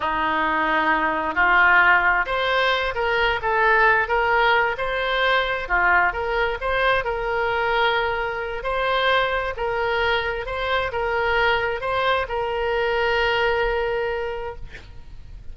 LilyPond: \new Staff \with { instrumentName = "oboe" } { \time 4/4 \tempo 4 = 132 dis'2. f'4~ | f'4 c''4. ais'4 a'8~ | a'4 ais'4. c''4.~ | c''8 f'4 ais'4 c''4 ais'8~ |
ais'2. c''4~ | c''4 ais'2 c''4 | ais'2 c''4 ais'4~ | ais'1 | }